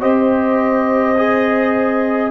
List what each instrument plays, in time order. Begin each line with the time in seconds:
0.00 tuba C4, trombone G4, horn C5, trumpet D#5
1.17 trombone G#4